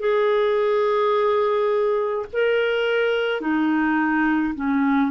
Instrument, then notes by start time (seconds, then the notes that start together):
clarinet
0.00 G#4
2.34 A#4
3.41 D#4
4.55 C#4